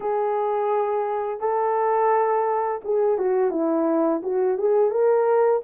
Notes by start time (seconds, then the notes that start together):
0.00 G#4
1.40 A4
2.84 G#4
3.18 F#4
3.50 E4
4.22 F#4
4.58 G#4
4.91 A#4